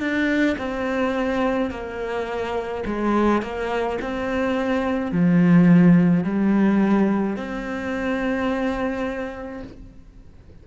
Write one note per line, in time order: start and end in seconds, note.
0.00 0.57 D4
0.59 1.71 C4
1.71 2.84 A#3
2.86 3.42 G#3
3.42 3.99 A#3
4.02 5.12 C4
5.12 6.24 F3
6.24 7.37 G3
7.37 9.63 C4